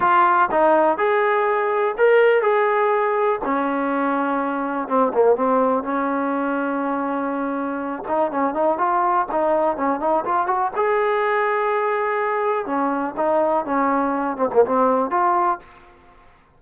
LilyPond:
\new Staff \with { instrumentName = "trombone" } { \time 4/4 \tempo 4 = 123 f'4 dis'4 gis'2 | ais'4 gis'2 cis'4~ | cis'2 c'8 ais8 c'4 | cis'1~ |
cis'8 dis'8 cis'8 dis'8 f'4 dis'4 | cis'8 dis'8 f'8 fis'8 gis'2~ | gis'2 cis'4 dis'4 | cis'4. c'16 ais16 c'4 f'4 | }